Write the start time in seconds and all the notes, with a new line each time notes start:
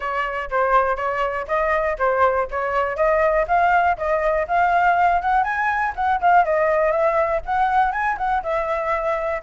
0.00 C#5
0.50 C5
0.96 C#5
1.47 D#5
1.98 C5
2.50 C#5
2.96 D#5
3.47 F5
3.97 D#5
4.47 F5
5.21 F#5
5.43 G#5
5.95 F#5
6.21 F5
6.44 D#5
6.91 E5
7.45 F#5
7.92 G#5
8.17 F#5
8.43 E5